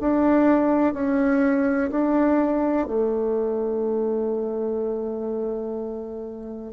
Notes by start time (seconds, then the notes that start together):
0.00 D4
0.93 C#4
1.90 D4
2.86 A3